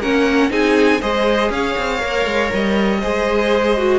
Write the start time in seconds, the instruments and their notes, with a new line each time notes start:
0.00 cello A#3, viola C#4, violin A#4 F#5
0.50 cello C4, viola D#4, violin G#4 G#5
1.01 cello G#3, viola G#4, violin C5 D#5
1.50 cello C#4, violin C#5 F5
1.78 cello C4
1.99 cello A#3, viola A#4
2.26 cello G#3
2.53 cello G3, violin D#5
3.01 cello G#3, viola G#4, violin C5
3.77 viola F#4